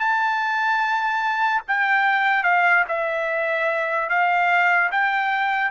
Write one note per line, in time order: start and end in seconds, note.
0.00 1.62 A5
1.68 2.44 G5
2.44 2.85 F5
2.89 4.10 E5
4.10 4.91 F5
4.92 5.72 G5